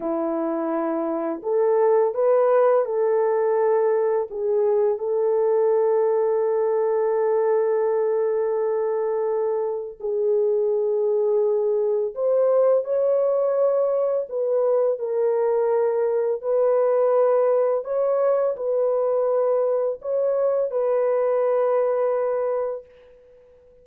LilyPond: \new Staff \with { instrumentName = "horn" } { \time 4/4 \tempo 4 = 84 e'2 a'4 b'4 | a'2 gis'4 a'4~ | a'1~ | a'2 gis'2~ |
gis'4 c''4 cis''2 | b'4 ais'2 b'4~ | b'4 cis''4 b'2 | cis''4 b'2. | }